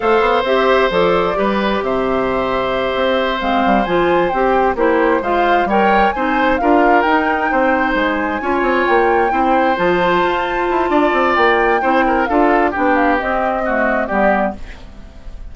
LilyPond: <<
  \new Staff \with { instrumentName = "flute" } { \time 4/4 \tempo 4 = 132 f''4 e''4 d''2 | e''2.~ e''8 f''8~ | f''8 gis''4 g''4 c''4 f''8~ | f''8 g''4 gis''4 f''4 g''8~ |
g''4. gis''2 g''8~ | g''4. a''2~ a''8~ | a''4 g''2 f''4 | g''8 f''8 dis''2 d''4 | }
  \new Staff \with { instrumentName = "oboe" } { \time 4/4 c''2. b'4 | c''1~ | c''2~ c''8 g'4 c''8~ | c''8 cis''4 c''4 ais'4.~ |
ais'8 c''2 cis''4.~ | cis''8 c''2.~ c''8 | d''2 c''8 ais'8 a'4 | g'2 fis'4 g'4 | }
  \new Staff \with { instrumentName = "clarinet" } { \time 4/4 a'4 g'4 a'4 g'4~ | g'2.~ g'8 c'8~ | c'8 f'4 g'4 e'4 f'8~ | f'8 ais'4 dis'4 f'4 dis'8~ |
dis'2~ dis'8 f'4.~ | f'8 e'4 f'2~ f'8~ | f'2 e'4 f'4 | d'4 c'4 a4 b4 | }
  \new Staff \with { instrumentName = "bassoon" } { \time 4/4 a8 b8 c'4 f4 g4 | c2~ c8 c'4 gis8 | g8 f4 c'4 ais4 gis8~ | gis8 g4 c'4 d'4 dis'8~ |
dis'8 c'4 gis4 cis'8 c'8 ais8~ | ais8 c'4 f4 f'4 e'8 | d'8 c'8 ais4 c'4 d'4 | b4 c'2 g4 | }
>>